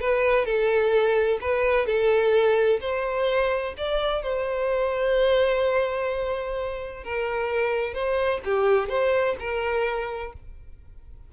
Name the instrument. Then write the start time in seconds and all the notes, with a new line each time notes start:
violin
0.00 B4
0.45 A4
1.41 B4
1.86 A4
2.80 C5
3.77 D5
4.22 C5
7.04 A#4
7.94 C5
8.45 G4
8.89 C5
9.39 A#4